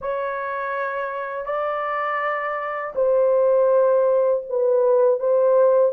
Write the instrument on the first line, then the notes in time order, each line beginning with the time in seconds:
horn
0.01 C#5
1.45 D5
2.95 C5
4.49 B4
5.19 C5